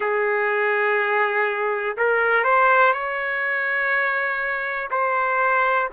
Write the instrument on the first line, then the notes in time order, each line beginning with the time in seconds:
trumpet
0.00 G#4
1.97 A#4
2.44 C5
2.92 C#5
4.90 C5